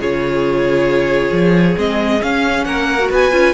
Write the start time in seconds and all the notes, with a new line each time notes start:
0.00 C#3 F4 G#4 C#5
1.32 F3
1.76 G#3 C4 D#5
2.21 C#4 F5
2.65 A#3 A#4 F#5
2.99 F#4
3.11 B3 B4 G#5
3.32 C#4 F4